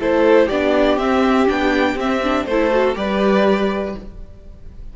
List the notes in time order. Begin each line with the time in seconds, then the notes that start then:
0.00 A3 E4 A4 C5
0.47 B3 D4 G4 D5
0.97 C4 E5
1.47 B3 D4 G5
1.95 C4 E5
2.23 D4
2.45 A3 E4 A4 C5
2.70 F#4
2.95 G3 G4 B4 D5